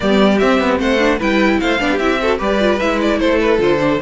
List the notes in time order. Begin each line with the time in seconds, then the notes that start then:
0.00 G3 B3 G4 D5
0.38 C4 E5
0.60 B3
0.79 A3 C5 F#5
0.99 D4
1.18 G3 E4 B4 G5
1.60 A3 C5 F5
1.79 B3 D4 D5
1.90 G4
1.98 C4 E4 E5
2.21 F#4 A4
2.38 G3 G4 B4 D5
2.59 F4
2.79 G#3 E4 E5
3.01 D5
3.19 A3 A4 C5
3.40 B4
3.58 D3 F4 C5
3.79 D4